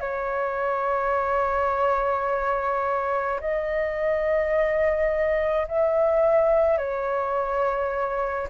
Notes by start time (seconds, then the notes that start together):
0.00 C#5
3.40 D#5
5.68 E5
6.78 C#5